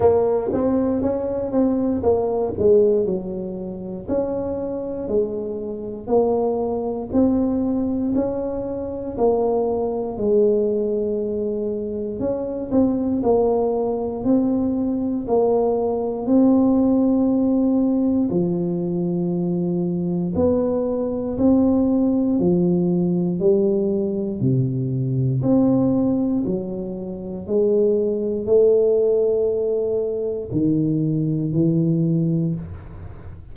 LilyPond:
\new Staff \with { instrumentName = "tuba" } { \time 4/4 \tempo 4 = 59 ais8 c'8 cis'8 c'8 ais8 gis8 fis4 | cis'4 gis4 ais4 c'4 | cis'4 ais4 gis2 | cis'8 c'8 ais4 c'4 ais4 |
c'2 f2 | b4 c'4 f4 g4 | c4 c'4 fis4 gis4 | a2 dis4 e4 | }